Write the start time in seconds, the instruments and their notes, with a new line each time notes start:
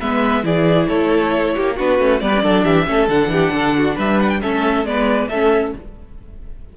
0.00 cello G#3, viola B3, violin B4 E5
0.43 cello E3, viola E4, violin G#4 D5
0.88 cello A3, violin A4 C#5
1.56 cello A#3, violin G4
1.77 cello B3, viola D4, violin F#4 B4
1.99 cello A3, viola C#4
2.21 cello G3, viola B3, violin B4 D5
2.35 viola C#4
2.43 cello F#3, viola D4, violin A4
2.65 cello E3, violin G4 E5
2.87 cello A3, viola C#4, violin A4
3.09 cello D3, viola D4, violin F#5
3.28 cello E3, violin G4
3.52 cello D3, violin A4
3.78 violin F#4
3.96 cello G3, violin B4 E5
4.21 violin F#5
4.30 violin G5
4.42 cello A3, viola C#4, violin A4 E5
4.85 cello G#3, viola B3, violin B4 D5
5.29 cello A3, viola C#4, violin A4 E5